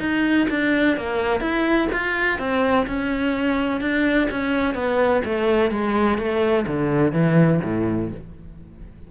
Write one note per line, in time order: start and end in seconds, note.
0.00 0.48 D#4
0.50 0.97 D4
0.97 1.41 A#3
1.41 1.88 E4
1.92 2.39 F4
2.39 2.87 C4
2.87 3.81 C#4
3.81 4.29 D4
4.31 4.75 C#4
4.75 5.22 B3
5.25 5.71 A3
5.71 6.18 G#3
6.18 6.66 A3
6.67 7.13 D3
7.13 7.60 E3
7.64 8.11 A2